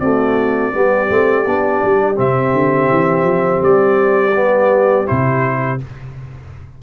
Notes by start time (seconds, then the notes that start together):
0.00 A3 C4 F#4 D5
0.73 G3 B3 G4
1.09 A3 C4
1.46 B3 D4
1.84 G3
2.15 C3 C4 E5
2.53 D3
2.90 E3
3.23 F3
3.62 G3 D5
4.35 B3
5.06 C3 E4 C5